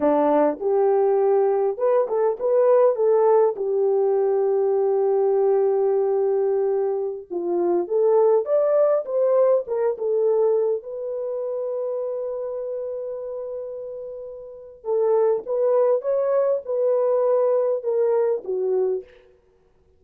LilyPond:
\new Staff \with { instrumentName = "horn" } { \time 4/4 \tempo 4 = 101 d'4 g'2 b'8 a'8 | b'4 a'4 g'2~ | g'1~ | g'16 f'4 a'4 d''4 c''8.~ |
c''16 ais'8 a'4. b'4.~ b'16~ | b'1~ | b'4 a'4 b'4 cis''4 | b'2 ais'4 fis'4 | }